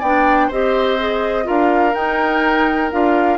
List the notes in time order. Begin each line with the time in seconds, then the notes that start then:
0.00 B3 D4 D5 G5
0.48 C4 G4 C5 D#5
0.99 G#4
1.43 D4 F4 A#4 F5
1.95 D#4 G5
2.91 D4 F4 F5